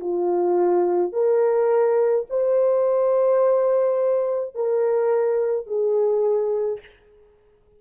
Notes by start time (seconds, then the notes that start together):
0.00 F4
1.12 A#4
2.30 C5
4.55 A#4
5.67 G#4